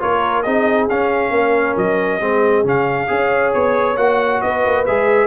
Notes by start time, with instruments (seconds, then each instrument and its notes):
0.00 tuba A#3, trombone F4, horn A#4, trumpet C#5
0.42 tuba C4, trombone D#4, horn G#4, trumpet D#5
0.89 tuba C#4, trombone C#4, trumpet F5
1.30 tuba A#3, horn A#4
1.76 tuba F#3, trumpet D#5
2.20 tuba G#3, trombone C4, horn G#4
2.64 tuba C#3, trombone C#4, trumpet F5
3.07 tuba C#4, trombone G#4, horn C#5
3.53 tuba B3, trumpet C#5
3.97 tuba A#3, trombone F#4, trumpet F#5
4.41 tuba B3, horn B4, trumpet D#5
4.65 tuba A#3
4.85 tuba G#3, trombone G#4, trumpet E5